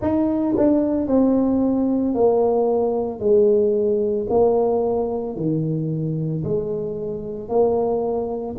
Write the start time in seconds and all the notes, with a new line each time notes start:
0.01 D#4
0.57 D4
1.07 C4
2.14 A#3
3.19 G#3
4.29 A#3
5.36 D#3
6.43 G#3
7.48 A#3